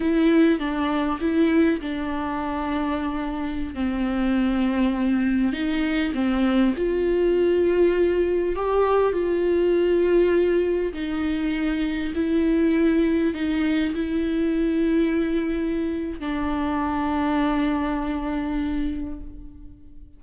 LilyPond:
\new Staff \with { instrumentName = "viola" } { \time 4/4 \tempo 4 = 100 e'4 d'4 e'4 d'4~ | d'2~ d'16 c'4.~ c'16~ | c'4~ c'16 dis'4 c'4 f'8.~ | f'2~ f'16 g'4 f'8.~ |
f'2~ f'16 dis'4.~ dis'16~ | dis'16 e'2 dis'4 e'8.~ | e'2. d'4~ | d'1 | }